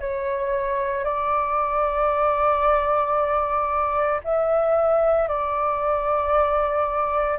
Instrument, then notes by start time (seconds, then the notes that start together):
flute
0.00 C#5
1.04 D5
4.24 E5
5.28 D5